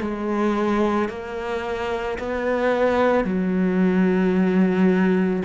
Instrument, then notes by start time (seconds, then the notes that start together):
cello
0.00 G#3
1.09 A#3
2.19 B3
3.24 F#3